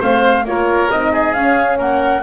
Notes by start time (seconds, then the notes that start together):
0.00 A3 C4 C5 F5
0.45 A#3 F4 A#4 C#5
0.91 C4 D#4 D#5
1.12 G#4
1.34 C#4 F5
1.78 A#3 A#4 F#5